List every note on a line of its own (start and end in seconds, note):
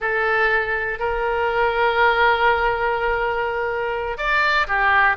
0.00 0.99 A4
0.99 4.17 A#4
4.17 4.67 D5
4.67 5.16 G4